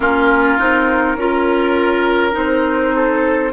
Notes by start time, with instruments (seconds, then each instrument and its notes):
0.00 bassoon A#3, clarinet C#4, oboe F4, flute A#4
0.58 bassoon C4, clarinet D#4
1.15 bassoon C#4, clarinet F4, oboe A#4
2.31 bassoon C4, clarinet D#4, flute C5
2.95 oboe A4